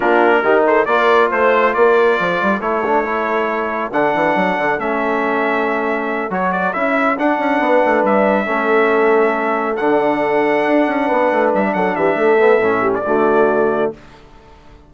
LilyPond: <<
  \new Staff \with { instrumentName = "trumpet" } { \time 4/4 \tempo 4 = 138 ais'4. c''8 d''4 c''4 | d''2 cis''2~ | cis''4 fis''2 e''4~ | e''2~ e''8 cis''8 d''8 e''8~ |
e''8 fis''2 e''4.~ | e''2~ e''8 fis''4.~ | fis''2~ fis''8 e''8 fis''8 e''8~ | e''4.~ e''16 d''2~ d''16 | }
  \new Staff \with { instrumentName = "horn" } { \time 4/4 f'4 g'8 a'8 ais'4 c''4 | ais'4 a'2.~ | a'1~ | a'1~ |
a'4. b'2 a'8~ | a'1~ | a'4. b'4. a'8 g'8 | a'4. g'8 fis'2 | }
  \new Staff \with { instrumentName = "trombone" } { \time 4/4 d'4 dis'4 f'2~ | f'2 e'8 d'8 e'4~ | e'4 d'2 cis'4~ | cis'2~ cis'8 fis'4 e'8~ |
e'8 d'2. cis'8~ | cis'2~ cis'8 d'4.~ | d'1~ | d'8 b8 cis'4 a2 | }
  \new Staff \with { instrumentName = "bassoon" } { \time 4/4 ais4 dis4 ais4 a4 | ais4 f8 g8 a2~ | a4 d8 e8 fis8 d8 a4~ | a2~ a8 fis4 cis'8~ |
cis'8 d'8 cis'8 b8 a8 g4 a8~ | a2~ a8 d4.~ | d8 d'8 cis'8 b8 a8 g8 fis8 e8 | a4 a,4 d2 | }
>>